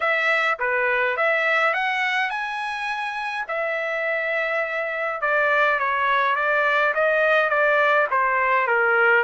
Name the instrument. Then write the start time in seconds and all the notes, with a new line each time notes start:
trumpet
0.00 E5
0.59 B4
1.17 E5
1.73 F#5
2.29 G#5
3.48 E5
5.21 D5
5.79 C#5
6.35 D5
6.94 D#5
7.49 D5
8.11 C5
8.67 A#4